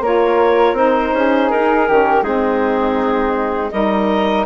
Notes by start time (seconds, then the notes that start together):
0.00 A#3 F4 A#4 C#5
0.72 C4 D#4 C5
1.13 C#4 G#4
1.50 D#4 A#4
1.86 D#3 C#4 G4
2.22 G#3 C4 D#4 G#4
3.71 G3 D#4 A#4 D#5